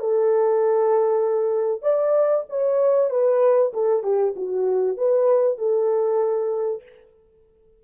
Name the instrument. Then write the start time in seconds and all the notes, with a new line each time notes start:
horn
0.00 A4
1.82 D5
2.50 C#5
3.10 B4
3.74 A4
4.03 G4
4.36 F#4
4.97 B4
5.58 A4